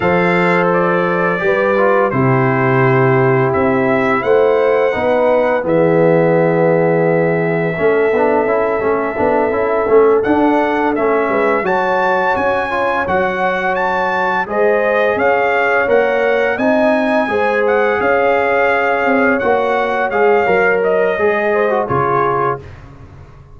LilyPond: <<
  \new Staff \with { instrumentName = "trumpet" } { \time 4/4 \tempo 4 = 85 f''4 d''2 c''4~ | c''4 e''4 fis''2 | e''1~ | e''2~ e''8 fis''4 e''8~ |
e''8 a''4 gis''4 fis''4 a''8~ | a''8 dis''4 f''4 fis''4 gis''8~ | gis''4 fis''8 f''2 fis''8~ | fis''8 f''4 dis''4. cis''4 | }
  \new Staff \with { instrumentName = "horn" } { \time 4/4 c''2 b'4 g'4~ | g'2 c''4 b'4 | gis'2. a'4~ | a'1 |
b'8 cis''2.~ cis''8~ | cis''8 c''4 cis''2 dis''8~ | dis''8 c''4 cis''2~ cis''8~ | cis''2~ cis''8 c''8 gis'4 | }
  \new Staff \with { instrumentName = "trombone" } { \time 4/4 a'2 g'8 f'8 e'4~ | e'2. dis'4 | b2. cis'8 d'8 | e'8 cis'8 d'8 e'8 cis'8 d'4 cis'8~ |
cis'8 fis'4. f'8 fis'4.~ | fis'8 gis'2 ais'4 dis'8~ | dis'8 gis'2. fis'8~ | fis'8 gis'8 ais'4 gis'8. fis'16 f'4 | }
  \new Staff \with { instrumentName = "tuba" } { \time 4/4 f2 g4 c4~ | c4 c'4 a4 b4 | e2. a8 b8 | cis'8 a8 b8 cis'8 a8 d'4 a8 |
gis8 fis4 cis'4 fis4.~ | fis8 gis4 cis'4 ais4 c'8~ | c'8 gis4 cis'4. c'8 ais8~ | ais8 gis8 fis4 gis4 cis4 | }
>>